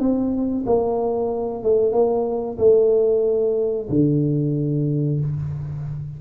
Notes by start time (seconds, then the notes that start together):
0.00 C4
0.66 A#3
1.64 A3
1.93 A#3
2.58 A3
3.90 D3